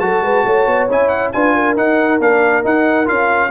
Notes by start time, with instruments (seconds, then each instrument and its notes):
0.00 tuba F#3, trombone F#4, horn A4, trumpet A5
0.22 tuba G#3, horn B4
0.45 tuba A3, horn C#5
0.67 tuba B3
0.89 tuba C#4, trombone E4, trumpet G#5
1.08 trumpet F#5
1.32 tuba D4, trombone F4, horn B4, trumpet G#5
1.54 horn A#4
1.76 trombone D#4, tuba D#4, trumpet F#5
2.20 tuba A#3, trombone D4, trumpet F5
2.63 trombone D#4, tuba D#4, trumpet F#5
3.05 tuba C#4, trombone F4, trumpet F5